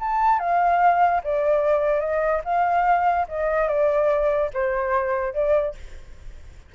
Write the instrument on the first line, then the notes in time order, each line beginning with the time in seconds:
flute
0.00 A5
0.39 F5
1.24 D5
2.00 D#5
2.45 F5
3.29 D#5
3.68 D5
4.54 C5
5.34 D5